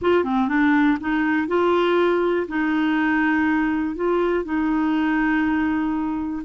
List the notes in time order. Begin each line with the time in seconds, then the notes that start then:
0.01 F4
0.23 C4
0.48 D4
1.00 D#4
1.47 F4
2.48 D#4
3.95 F4
4.44 D#4